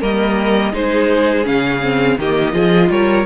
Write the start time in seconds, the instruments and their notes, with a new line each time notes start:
0.00 cello G3, viola A#3, violin A#4 D#5
0.72 cello G#3, viola D#4, violin G#4 C5
1.44 cello C#3, viola C#4, violin F5
1.82 viola C4
2.18 cello D#3, viola A#3, violin G4 D#5
2.53 cello F3, viola F4, violin G#4
2.89 cello G3, violin A#4 C#5